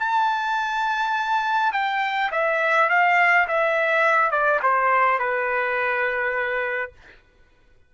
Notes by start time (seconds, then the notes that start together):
0.00 A5
1.73 G5
2.32 E5
2.90 F5
3.48 E5
4.31 D5
4.63 C5
5.19 B4